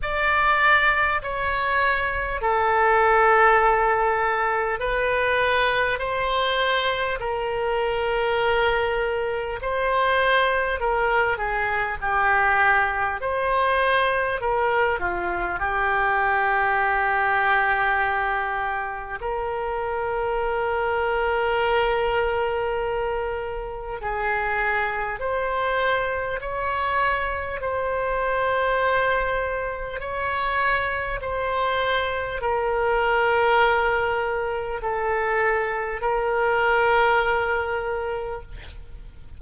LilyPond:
\new Staff \with { instrumentName = "oboe" } { \time 4/4 \tempo 4 = 50 d''4 cis''4 a'2 | b'4 c''4 ais'2 | c''4 ais'8 gis'8 g'4 c''4 | ais'8 f'8 g'2. |
ais'1 | gis'4 c''4 cis''4 c''4~ | c''4 cis''4 c''4 ais'4~ | ais'4 a'4 ais'2 | }